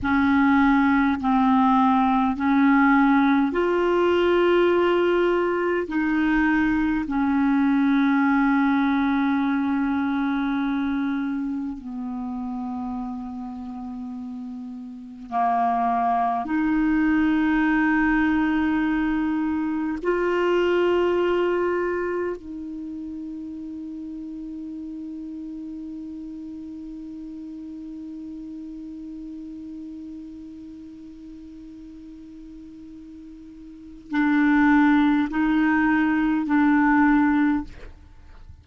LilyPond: \new Staff \with { instrumentName = "clarinet" } { \time 4/4 \tempo 4 = 51 cis'4 c'4 cis'4 f'4~ | f'4 dis'4 cis'2~ | cis'2 b2~ | b4 ais4 dis'2~ |
dis'4 f'2 dis'4~ | dis'1~ | dis'1~ | dis'4 d'4 dis'4 d'4 | }